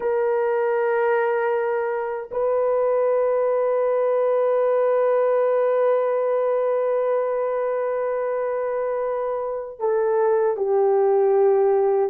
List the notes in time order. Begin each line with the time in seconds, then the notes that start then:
0.00 A#4
2.31 B4
9.79 A4
10.56 G4